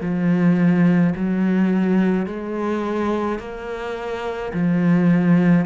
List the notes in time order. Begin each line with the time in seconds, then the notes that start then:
0.00 F3
1.15 F#3
2.26 G#3
3.39 A#3
4.53 F3